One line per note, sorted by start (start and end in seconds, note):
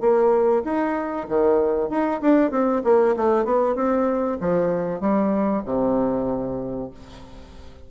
0.00 0.62 A#3
0.64 1.26 D#4
1.28 1.89 D#3
1.89 2.20 D#4
2.21 2.51 D4
2.51 2.82 C4
2.84 3.15 A#3
3.16 3.45 A3
3.45 3.75 B3
3.75 4.38 C4
4.40 5.00 F3
5.00 5.62 G3
5.65 6.90 C3